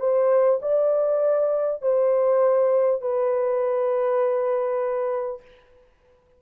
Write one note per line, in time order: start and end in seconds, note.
0.00 0.60 C5
0.62 1.82 D5
1.82 3.02 C5
3.02 5.42 B4